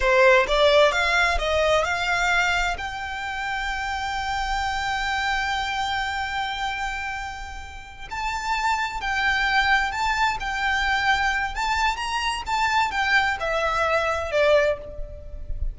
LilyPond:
\new Staff \with { instrumentName = "violin" } { \time 4/4 \tempo 4 = 130 c''4 d''4 f''4 dis''4 | f''2 g''2~ | g''1~ | g''1~ |
g''4. a''2 g''8~ | g''4. a''4 g''4.~ | g''4 a''4 ais''4 a''4 | g''4 e''2 d''4 | }